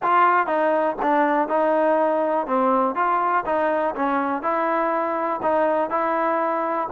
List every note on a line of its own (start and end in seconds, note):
0.02 0.46 F4
0.46 0.96 D#4
1.02 1.48 D4
1.48 2.46 D#4
2.47 2.95 C4
2.95 3.44 F4
3.45 3.94 D#4
3.95 4.42 C#4
4.42 5.40 E4
5.42 5.90 D#4
5.90 6.88 E4